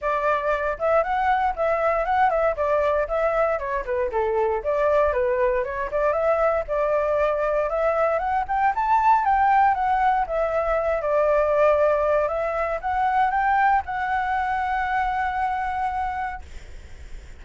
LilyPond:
\new Staff \with { instrumentName = "flute" } { \time 4/4 \tempo 4 = 117 d''4. e''8 fis''4 e''4 | fis''8 e''8 d''4 e''4 cis''8 b'8 | a'4 d''4 b'4 cis''8 d''8 | e''4 d''2 e''4 |
fis''8 g''8 a''4 g''4 fis''4 | e''4. d''2~ d''8 | e''4 fis''4 g''4 fis''4~ | fis''1 | }